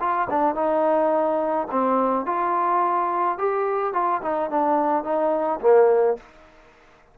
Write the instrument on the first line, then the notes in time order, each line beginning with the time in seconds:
trombone
0.00 F4
0.30 D4
0.55 D#4
1.71 C4
2.26 F4
3.38 G4
3.93 F4
4.22 D#4
4.50 D4
5.04 D#4
5.61 A#3